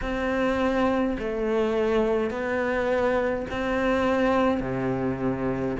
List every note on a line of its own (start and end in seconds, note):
0.01 1.16 C4
1.19 2.30 A3
2.30 3.46 B3
3.50 4.60 C4
4.60 5.75 C3